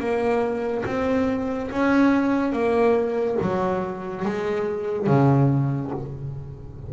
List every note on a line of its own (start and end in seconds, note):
0.00 0.85 A#3
0.86 1.71 C4
1.71 2.53 C#4
2.53 3.37 A#3
3.42 4.26 F#3
4.26 5.07 G#3
5.07 5.92 C#3